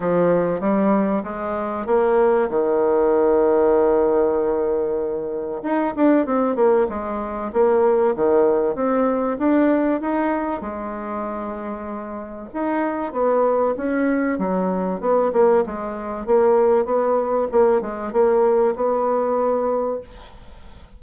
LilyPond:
\new Staff \with { instrumentName = "bassoon" } { \time 4/4 \tempo 4 = 96 f4 g4 gis4 ais4 | dis1~ | dis4 dis'8 d'8 c'8 ais8 gis4 | ais4 dis4 c'4 d'4 |
dis'4 gis2. | dis'4 b4 cis'4 fis4 | b8 ais8 gis4 ais4 b4 | ais8 gis8 ais4 b2 | }